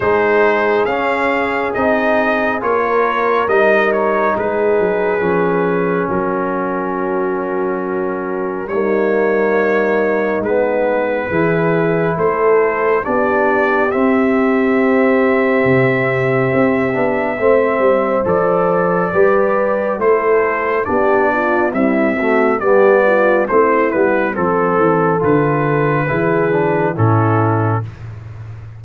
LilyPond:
<<
  \new Staff \with { instrumentName = "trumpet" } { \time 4/4 \tempo 4 = 69 c''4 f''4 dis''4 cis''4 | dis''8 cis''8 b'2 ais'4~ | ais'2 cis''2 | b'2 c''4 d''4 |
e''1~ | e''4 d''2 c''4 | d''4 e''4 d''4 c''8 b'8 | a'4 b'2 a'4 | }
  \new Staff \with { instrumentName = "horn" } { \time 4/4 gis'2.~ gis'16 ais'8.~ | ais'4 gis'2 fis'4~ | fis'2 dis'2~ | dis'4 gis'4 a'4 g'4~ |
g'1 | c''2 b'4 a'4 | g'8 f'8 e'8 fis'8 g'8 f'8 e'4 | a'2 gis'4 e'4 | }
  \new Staff \with { instrumentName = "trombone" } { \time 4/4 dis'4 cis'4 dis'4 f'4 | dis'2 cis'2~ | cis'2 ais2 | b4 e'2 d'4 |
c'2.~ c'8 d'8 | c'4 a'4 g'4 e'4 | d'4 g8 a8 b4 c'8 b8 | c'4 f'4 e'8 d'8 cis'4 | }
  \new Staff \with { instrumentName = "tuba" } { \time 4/4 gis4 cis'4 c'4 ais4 | g4 gis8 fis8 f4 fis4~ | fis2 g2 | gis4 e4 a4 b4 |
c'2 c4 c'8 b8 | a8 g8 f4 g4 a4 | b4 c'4 g4 a8 g8 | f8 e8 d4 e4 a,4 | }
>>